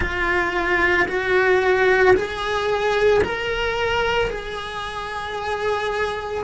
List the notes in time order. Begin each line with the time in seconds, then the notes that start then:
0.00 F4
1.08 F#4
2.15 G#4
3.24 A#4
4.30 G#4